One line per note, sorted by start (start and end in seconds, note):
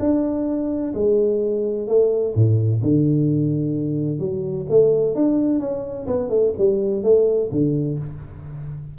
0.00 0.94 D4
0.95 1.88 G#3
1.88 2.35 A3
2.35 2.82 A2
2.83 4.19 D3
4.19 4.66 F#3
4.70 5.15 A3
5.15 5.60 D4
5.60 6.07 C#4
6.07 6.30 B3
6.30 6.53 A3
6.58 7.04 G3
7.04 7.50 A3
7.52 7.99 D3